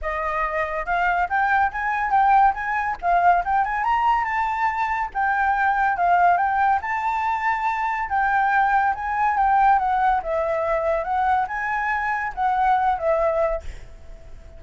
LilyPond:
\new Staff \with { instrumentName = "flute" } { \time 4/4 \tempo 4 = 141 dis''2 f''4 g''4 | gis''4 g''4 gis''4 f''4 | g''8 gis''8 ais''4 a''2 | g''2 f''4 g''4 |
a''2. g''4~ | g''4 gis''4 g''4 fis''4 | e''2 fis''4 gis''4~ | gis''4 fis''4. e''4. | }